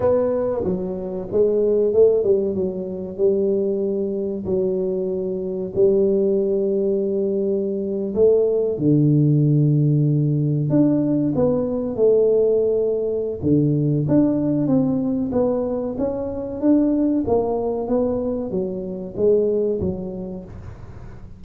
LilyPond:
\new Staff \with { instrumentName = "tuba" } { \time 4/4 \tempo 4 = 94 b4 fis4 gis4 a8 g8 | fis4 g2 fis4~ | fis4 g2.~ | g8. a4 d2~ d16~ |
d8. d'4 b4 a4~ a16~ | a4 d4 d'4 c'4 | b4 cis'4 d'4 ais4 | b4 fis4 gis4 fis4 | }